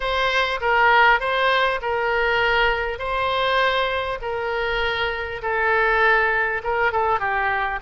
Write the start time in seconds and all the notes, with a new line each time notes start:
0.00 C5
0.60 A#4
1.20 C5
1.81 A#4
2.98 C5
4.21 A#4
5.42 A4
6.63 A#4
6.92 A4
7.19 G4